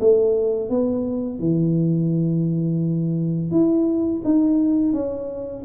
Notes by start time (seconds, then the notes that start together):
0.00 A3
0.70 B3
1.39 E3
3.51 E4
4.24 D#4
4.93 C#4